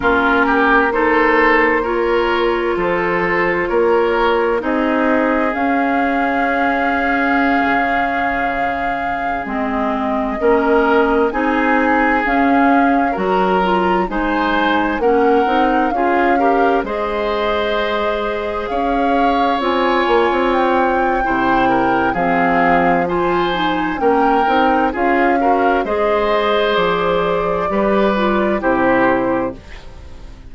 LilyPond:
<<
  \new Staff \with { instrumentName = "flute" } { \time 4/4 \tempo 4 = 65 ais'4 c''4 cis''4 c''4 | cis''4 dis''4 f''2~ | f''2~ f''16 dis''4.~ dis''16~ | dis''16 gis''4 f''4 ais''4 gis''8.~ |
gis''16 fis''4 f''4 dis''4.~ dis''16~ | dis''16 f''4 gis''4 g''4.~ g''16 | f''4 gis''4 g''4 f''4 | dis''4 d''2 c''4 | }
  \new Staff \with { instrumentName = "oboe" } { \time 4/4 f'8 g'8 a'4 ais'4 a'4 | ais'4 gis'2.~ | gis'2.~ gis'16 ais'8.~ | ais'16 gis'2 ais'4 c''8.~ |
c''16 ais'4 gis'8 ais'8 c''4.~ c''16~ | c''16 cis''2~ cis''8. c''8 ais'8 | gis'4 c''4 ais'4 gis'8 ais'8 | c''2 b'4 g'4 | }
  \new Staff \with { instrumentName = "clarinet" } { \time 4/4 cis'4 dis'4 f'2~ | f'4 dis'4 cis'2~ | cis'2~ cis'16 c'4 cis'8.~ | cis'16 dis'4 cis'4 fis'8 f'8 dis'8.~ |
dis'16 cis'8 dis'8 f'8 g'8 gis'4.~ gis'16~ | gis'4~ gis'16 f'4.~ f'16 e'4 | c'4 f'8 dis'8 cis'8 dis'8 f'8 fis'8 | gis'2 g'8 f'8 e'4 | }
  \new Staff \with { instrumentName = "bassoon" } { \time 4/4 ais2. f4 | ais4 c'4 cis'2~ | cis'16 cis2 gis4 ais8.~ | ais16 c'4 cis'4 fis4 gis8.~ |
gis16 ais8 c'8 cis'4 gis4.~ gis16~ | gis16 cis'4 c'8 ais16 c'4 c4 | f2 ais8 c'8 cis'4 | gis4 f4 g4 c4 | }
>>